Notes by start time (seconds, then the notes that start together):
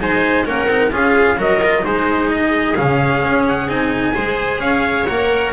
0.00 G#3 D#4 C5 G#5
0.45 A#3 C#4 A#4 F#5
0.67 C4 D#4
0.91 C#4 F4 G#4 F5
1.37 F#3 F#4 A#4 D#5
1.63 F4
1.82 G#3 D#4 G#4 C5
2.30 D#5
2.75 C#3 C#4 F5
3.25 C#4
3.48 F#5
3.68 C4 D#4 G#5
4.14 G#3 G#4 C5
4.59 C#4 C#5 F5
5.06 A#3 A#4 F#5